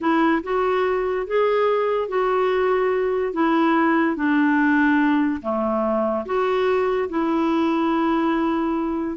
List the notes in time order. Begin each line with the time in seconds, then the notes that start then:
0.00 E4
0.43 F#4
1.26 G#4
2.08 F#4
3.33 E4
4.16 D4
5.42 A3
6.25 F#4
7.09 E4